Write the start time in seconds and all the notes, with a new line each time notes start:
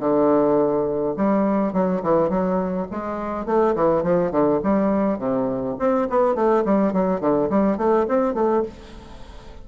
0.00 D3
1.17 G3
1.73 F#3
2.03 E3
2.29 F#3
2.91 G#3
3.46 A3
3.76 E3
4.03 F3
4.31 D3
4.64 G3
5.19 C3
5.79 C4
6.10 B3
6.35 A3
6.65 G3
6.93 F#3
7.21 D3
7.50 G3
7.77 A3
8.08 C4
8.34 A3